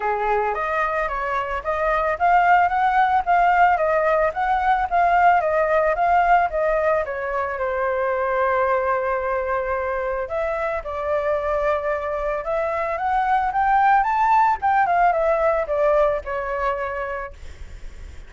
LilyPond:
\new Staff \with { instrumentName = "flute" } { \time 4/4 \tempo 4 = 111 gis'4 dis''4 cis''4 dis''4 | f''4 fis''4 f''4 dis''4 | fis''4 f''4 dis''4 f''4 | dis''4 cis''4 c''2~ |
c''2. e''4 | d''2. e''4 | fis''4 g''4 a''4 g''8 f''8 | e''4 d''4 cis''2 | }